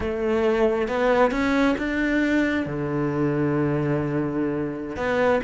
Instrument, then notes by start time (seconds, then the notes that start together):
cello
0.00 A3
0.87 B3
1.31 C#4
1.77 D4
2.66 D3
4.96 B3